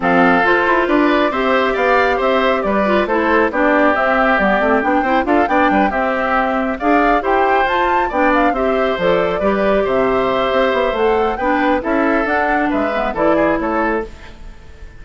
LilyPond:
<<
  \new Staff \with { instrumentName = "flute" } { \time 4/4 \tempo 4 = 137 f''4 c''4 d''4 e''4 | f''4 e''4 d''4 c''4 | d''4 e''4 d''4 g''4 | f''8 g''4 e''2 f''8~ |
f''8 g''4 a''4 g''8 f''8 e''8~ | e''8 d''2 e''4.~ | e''4 fis''4 g''4 e''4 | fis''4 e''4 d''4 cis''4 | }
  \new Staff \with { instrumentName = "oboe" } { \time 4/4 a'2 b'4 c''4 | d''4 c''4 b'4 a'4 | g'2.~ g'8 c''8 | a'8 d''8 b'8 g'2 d''8~ |
d''8 c''2 d''4 c''8~ | c''4. b'4 c''4.~ | c''2 b'4 a'4~ | a'4 b'4 a'8 gis'8 a'4 | }
  \new Staff \with { instrumentName = "clarinet" } { \time 4/4 c'4 f'2 g'4~ | g'2~ g'8 f'8 e'4 | d'4 c'4 b8 c'8 d'8 e'8 | f'8 d'4 c'2 gis'8~ |
gis'8 g'4 f'4 d'4 g'8~ | g'8 a'4 g'2~ g'8~ | g'4 a'4 d'4 e'4 | d'4. b8 e'2 | }
  \new Staff \with { instrumentName = "bassoon" } { \time 4/4 f4 f'8 e'8 d'4 c'4 | b4 c'4 g4 a4 | b4 c'4 g8 a8 b8 c'8 | d'8 b8 g8 c'2 d'8~ |
d'8 e'4 f'4 b4 c'8~ | c'8 f4 g4 c4. | c'8 b8 a4 b4 cis'4 | d'4 gis4 e4 a4 | }
>>